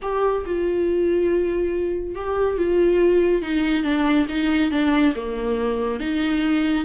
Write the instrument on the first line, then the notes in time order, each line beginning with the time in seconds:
viola
0.01 G4
0.45 F4
2.15 G4
2.57 F4
3.42 D#4
3.83 D4
4.28 D#4
4.71 D4
5.15 A#3
6.00 D#4